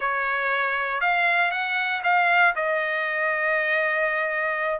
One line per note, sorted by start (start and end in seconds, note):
0.00 1.01 C#5
1.01 1.51 F5
1.51 2.02 F#5
2.03 2.54 F5
2.55 4.79 D#5